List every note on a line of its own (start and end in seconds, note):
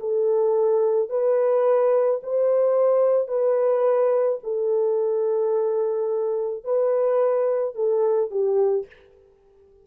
0.00 1.09 A4
1.09 2.20 B4
2.23 3.28 C5
3.28 4.39 B4
4.43 6.64 A4
6.64 7.75 B4
7.75 8.30 A4
8.30 8.86 G4